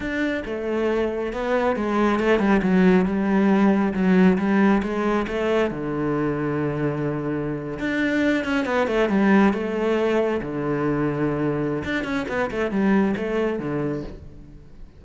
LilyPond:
\new Staff \with { instrumentName = "cello" } { \time 4/4 \tempo 4 = 137 d'4 a2 b4 | gis4 a8 g8 fis4 g4~ | g4 fis4 g4 gis4 | a4 d2.~ |
d4.~ d16 d'4. cis'8 b16~ | b16 a8 g4 a2 d16~ | d2. d'8 cis'8 | b8 a8 g4 a4 d4 | }